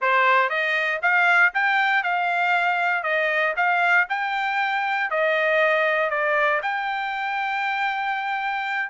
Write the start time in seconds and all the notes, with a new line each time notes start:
0.01 C5
0.49 D#5
1.01 F5
1.54 G5
2.03 F5
3.03 D#5
3.56 F5
4.09 G5
5.10 D#5
6.09 D5
6.62 G5